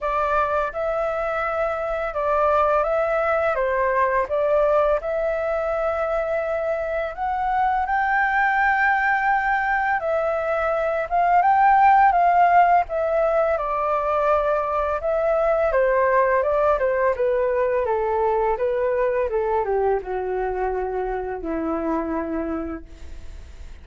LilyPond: \new Staff \with { instrumentName = "flute" } { \time 4/4 \tempo 4 = 84 d''4 e''2 d''4 | e''4 c''4 d''4 e''4~ | e''2 fis''4 g''4~ | g''2 e''4. f''8 |
g''4 f''4 e''4 d''4~ | d''4 e''4 c''4 d''8 c''8 | b'4 a'4 b'4 a'8 g'8 | fis'2 e'2 | }